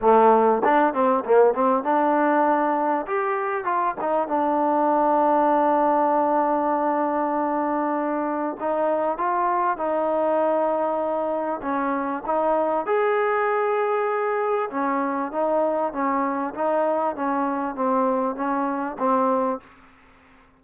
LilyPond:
\new Staff \with { instrumentName = "trombone" } { \time 4/4 \tempo 4 = 98 a4 d'8 c'8 ais8 c'8 d'4~ | d'4 g'4 f'8 dis'8 d'4~ | d'1~ | d'2 dis'4 f'4 |
dis'2. cis'4 | dis'4 gis'2. | cis'4 dis'4 cis'4 dis'4 | cis'4 c'4 cis'4 c'4 | }